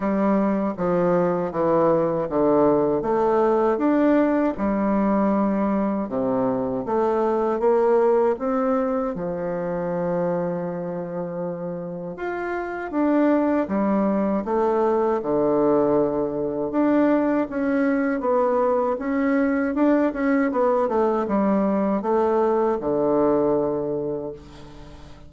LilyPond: \new Staff \with { instrumentName = "bassoon" } { \time 4/4 \tempo 4 = 79 g4 f4 e4 d4 | a4 d'4 g2 | c4 a4 ais4 c'4 | f1 |
f'4 d'4 g4 a4 | d2 d'4 cis'4 | b4 cis'4 d'8 cis'8 b8 a8 | g4 a4 d2 | }